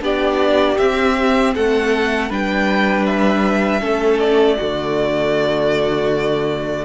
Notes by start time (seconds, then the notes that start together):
0.00 B3 D4 G4 D5
0.77 C4 E5
1.54 A3 A4 F#5
2.29 G3 D4 B4 G5
3.06 E5
3.80 A3 C#4 A4
4.19 D5
4.56 D3 A3 F#4